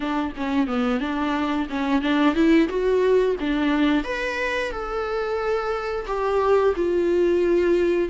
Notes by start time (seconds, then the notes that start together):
0.00 D4
0.36 C#4
0.67 B3
1.00 D4
1.69 C#4
2.01 D4
2.34 E4
2.68 F#4
3.40 D4
4.04 B4
4.71 A4
6.06 G4
6.75 F4